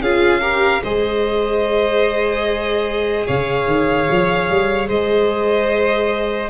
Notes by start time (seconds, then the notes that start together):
0.00 C#4 F4 G#4 F5
0.41 G4 A#4
0.83 G#3 G#4 C5 D#5
3.26 C#3 C#5 F5
3.66 D#3
4.10 F3
4.49 G3
4.88 G#3 C5 D#5